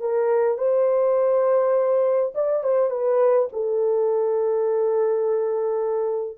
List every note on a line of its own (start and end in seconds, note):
0.00 0.57 A#4
0.57 2.32 C5
2.34 2.63 D5
2.63 2.90 C5
2.90 3.48 B4
3.52 6.38 A4